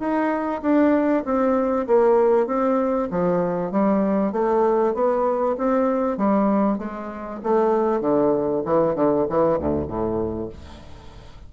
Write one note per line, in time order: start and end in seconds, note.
0.00 0.62 D#4
0.62 1.24 D4
1.25 1.87 C4
1.88 2.47 A#3
2.47 3.09 C4
3.11 3.72 F3
3.72 4.33 G3
4.33 4.95 A3
4.95 5.56 B3
5.58 6.18 C4
6.18 6.79 G3
6.79 7.41 G#3
7.44 8.01 A3
8.01 8.63 D3
8.65 8.96 E3
8.96 9.26 D3
9.30 9.59 E3
9.59 9.88 D2
9.88 10.50 A2